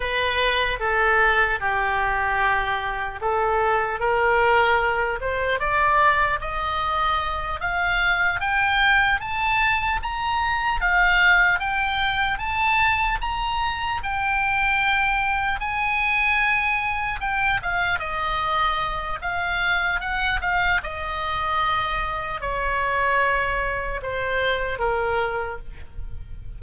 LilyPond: \new Staff \with { instrumentName = "oboe" } { \time 4/4 \tempo 4 = 75 b'4 a'4 g'2 | a'4 ais'4. c''8 d''4 | dis''4. f''4 g''4 a''8~ | a''8 ais''4 f''4 g''4 a''8~ |
a''8 ais''4 g''2 gis''8~ | gis''4. g''8 f''8 dis''4. | f''4 fis''8 f''8 dis''2 | cis''2 c''4 ais'4 | }